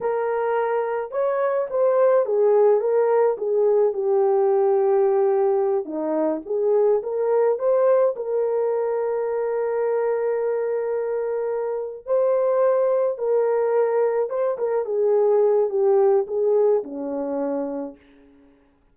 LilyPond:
\new Staff \with { instrumentName = "horn" } { \time 4/4 \tempo 4 = 107 ais'2 cis''4 c''4 | gis'4 ais'4 gis'4 g'4~ | g'2~ g'8 dis'4 gis'8~ | gis'8 ais'4 c''4 ais'4.~ |
ais'1~ | ais'4. c''2 ais'8~ | ais'4. c''8 ais'8 gis'4. | g'4 gis'4 cis'2 | }